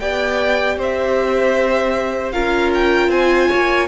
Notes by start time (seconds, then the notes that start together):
0.00 B3 G4 D5 G5
0.77 C4 C5 E5
2.32 C#4 F4 A#4 F5
2.74 G5
3.08 C4 C5 G#5
3.48 A#3 C#5